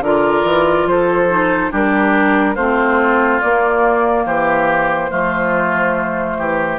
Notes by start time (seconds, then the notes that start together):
0.00 D3 F4 A#4 D5
0.43 E3
0.85 F3 A4 C5
1.29 D#4
1.70 G3 D4 G4 A#4
2.54 A3 C4 F4 C5
3.40 A#3 D5
4.25 E3 G4 C5
5.10 F3 A3 F4
6.38 E3 G4